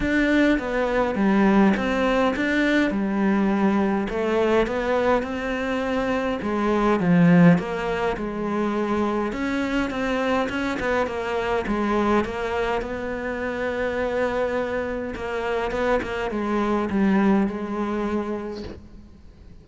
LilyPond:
\new Staff \with { instrumentName = "cello" } { \time 4/4 \tempo 4 = 103 d'4 b4 g4 c'4 | d'4 g2 a4 | b4 c'2 gis4 | f4 ais4 gis2 |
cis'4 c'4 cis'8 b8 ais4 | gis4 ais4 b2~ | b2 ais4 b8 ais8 | gis4 g4 gis2 | }